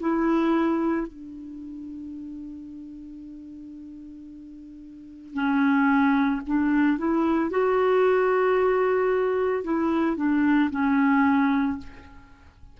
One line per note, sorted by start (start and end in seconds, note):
0.00 1.07 E4
1.07 5.33 D4
5.33 6.40 C#4
6.46 6.98 D4
6.98 7.50 E4
7.50 9.63 F#4
9.63 10.16 E4
10.16 10.69 D4
10.70 11.78 C#4